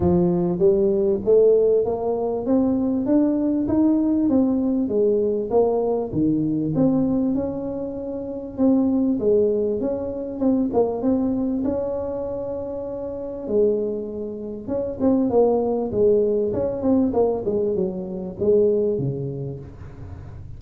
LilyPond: \new Staff \with { instrumentName = "tuba" } { \time 4/4 \tempo 4 = 98 f4 g4 a4 ais4 | c'4 d'4 dis'4 c'4 | gis4 ais4 dis4 c'4 | cis'2 c'4 gis4 |
cis'4 c'8 ais8 c'4 cis'4~ | cis'2 gis2 | cis'8 c'8 ais4 gis4 cis'8 c'8 | ais8 gis8 fis4 gis4 cis4 | }